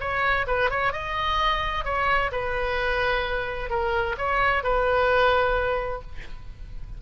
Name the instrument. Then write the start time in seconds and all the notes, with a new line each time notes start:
oboe
0.00 C#5
0.47 B4
0.70 C#5
0.92 D#5
1.84 C#5
2.31 B4
3.69 A#4
4.17 C#5
4.63 B4